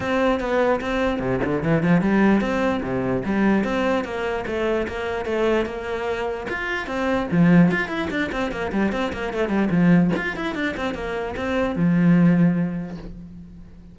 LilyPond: \new Staff \with { instrumentName = "cello" } { \time 4/4 \tempo 4 = 148 c'4 b4 c'4 c8 d8 | e8 f8 g4 c'4 c4 | g4 c'4 ais4 a4 | ais4 a4 ais2 |
f'4 c'4 f4 f'8 e'8 | d'8 c'8 ais8 g8 c'8 ais8 a8 g8 | f4 f'8 e'8 d'8 c'8 ais4 | c'4 f2. | }